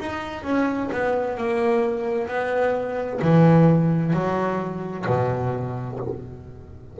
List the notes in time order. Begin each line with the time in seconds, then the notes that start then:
0.00 D#4
0.44 C#4
0.92 B3
1.38 A#3
2.28 B3
3.22 E3
4.14 F#3
5.07 B2